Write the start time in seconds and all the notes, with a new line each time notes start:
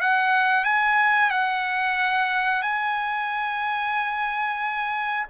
0.00 F#5
0.64 G#5
1.30 F#5
2.62 G#5